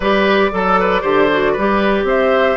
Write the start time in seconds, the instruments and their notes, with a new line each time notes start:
0.00 bassoon G3, clarinet G4, oboe B4, flute D5
0.51 bassoon F#3, clarinet A4, oboe A4
0.79 oboe B4
1.01 bassoon D3, clarinet G4, oboe C5
1.31 clarinet F#4
1.52 bassoon G3, oboe B4
1.58 clarinet G4
2.03 bassoon C4, oboe C5, flute E5